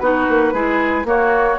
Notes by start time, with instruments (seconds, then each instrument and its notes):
0.00 bassoon B3, clarinet D#4, oboe F#4, flute B4
0.29 bassoon A#3
0.53 bassoon G#3, clarinet E4, oboe G#4
1.05 bassoon A#3, clarinet A#3, oboe F#4, flute C#5